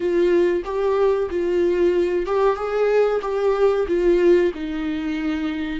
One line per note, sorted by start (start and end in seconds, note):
0.00 0.63 F4
0.65 1.29 G4
1.30 2.26 F4
2.26 2.55 G4
2.55 3.20 G#4
3.21 3.86 G4
3.87 4.52 F4
4.54 5.79 D#4